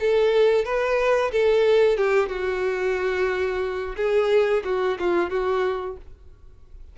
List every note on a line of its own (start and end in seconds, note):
0.00 0.65 A4
0.65 1.32 B4
1.32 1.97 A4
1.97 2.29 G4
2.29 3.96 F#4
3.96 4.63 G#4
4.65 4.98 F#4
5.00 5.30 F4
5.30 5.97 F#4